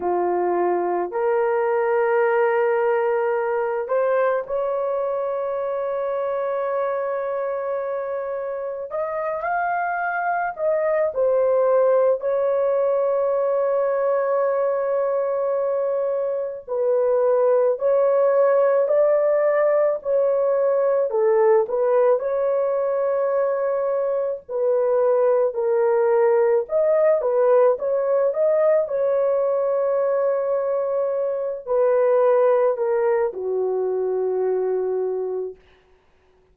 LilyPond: \new Staff \with { instrumentName = "horn" } { \time 4/4 \tempo 4 = 54 f'4 ais'2~ ais'8 c''8 | cis''1 | dis''8 f''4 dis''8 c''4 cis''4~ | cis''2. b'4 |
cis''4 d''4 cis''4 a'8 b'8 | cis''2 b'4 ais'4 | dis''8 b'8 cis''8 dis''8 cis''2~ | cis''8 b'4 ais'8 fis'2 | }